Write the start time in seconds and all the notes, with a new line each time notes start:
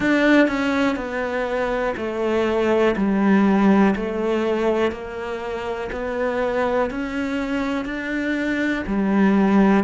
0.00 D4
0.47 C#4
0.96 B3
1.97 A3
2.96 G3
3.95 A3
4.91 A#3
5.92 B3
6.90 C#4
7.85 D4
8.86 G3